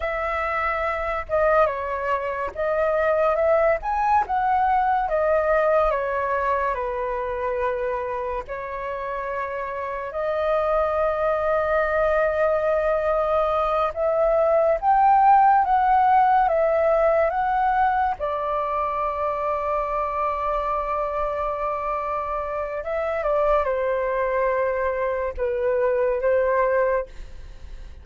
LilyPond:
\new Staff \with { instrumentName = "flute" } { \time 4/4 \tempo 4 = 71 e''4. dis''8 cis''4 dis''4 | e''8 gis''8 fis''4 dis''4 cis''4 | b'2 cis''2 | dis''1~ |
dis''8 e''4 g''4 fis''4 e''8~ | e''8 fis''4 d''2~ d''8~ | d''2. e''8 d''8 | c''2 b'4 c''4 | }